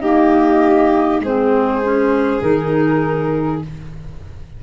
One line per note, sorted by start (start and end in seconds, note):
0.00 1.22 A#3
0.00 1.20 D#4
0.00 1.21 G4
0.00 1.20 D#5
1.20 2.40 G#3
1.20 1.82 C4
1.20 3.63 G#4
1.20 2.42 C5
1.82 2.41 C#4
2.41 3.62 D#3
2.41 3.60 D#4
2.41 3.62 A#4